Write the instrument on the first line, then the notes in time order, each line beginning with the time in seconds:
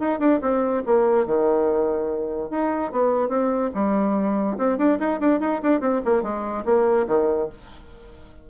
bassoon
0.00 D#4
0.20 D4
0.42 C4
0.86 A#3
1.27 D#3
2.51 D#4
2.92 B3
3.29 C4
3.75 G3
4.59 C4
4.78 D4
5.00 D#4
5.21 D4
5.41 D#4
5.63 D4
5.81 C4
6.05 A#3
6.23 G#3
6.65 A#3
7.08 D#3